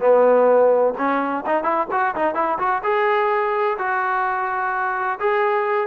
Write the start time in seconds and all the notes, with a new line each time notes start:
0.00 B3
0.98 C#4
1.46 D#4
1.63 E4
1.91 F#4
2.15 D#4
2.35 E4
2.59 F#4
2.83 G#4
3.78 F#4
5.20 G#4